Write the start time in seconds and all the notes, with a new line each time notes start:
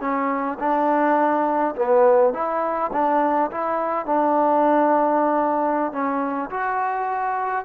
0.00 C#4
0.59 D4
1.76 B3
2.33 E4
2.92 D4
3.51 E4
4.06 D4
5.92 C#4
6.50 F#4